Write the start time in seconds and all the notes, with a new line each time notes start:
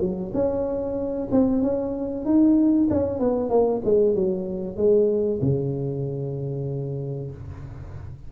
0.00 F#3
0.34 C#4
1.31 C4
1.62 C#4
2.25 D#4
2.90 C#4
3.19 B3
3.50 A#3
3.84 G#3
4.15 F#3
4.77 G#3
5.41 C#3